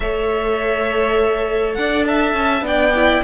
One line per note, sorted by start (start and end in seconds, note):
0.00 1.76 A3
0.00 2.61 A4
0.00 1.77 C#5
0.00 1.74 E5
1.74 2.33 D4
1.74 2.07 D5
1.74 2.03 F#5
2.06 2.66 E5
2.06 2.65 A5
2.33 2.61 C#4
2.61 3.20 B3
2.61 2.91 D4
2.61 3.23 D5
2.61 3.23 G5
2.95 3.23 E4